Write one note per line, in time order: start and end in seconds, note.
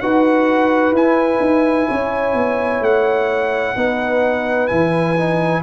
0.00 0.91 D#4
0.00 0.96 F#4
0.00 1.88 B4
0.00 0.94 F#5
0.91 1.38 E4
0.91 3.76 E4
0.91 2.83 G#5
1.40 1.87 D#4
1.88 2.34 C#4
1.88 3.76 C#5
2.34 2.80 B3
2.80 3.74 A3
2.80 4.67 F#5
3.76 4.69 B3
3.76 4.69 D#4
3.76 5.62 B4
4.67 5.62 E3
4.67 5.16 E4
4.67 5.61 G#5
5.16 5.62 D#4